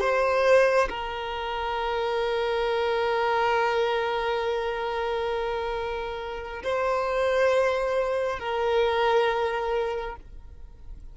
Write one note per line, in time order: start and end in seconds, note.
0.00 0.88 C5
0.89 6.63 A#4
6.63 8.39 C5
8.39 10.16 A#4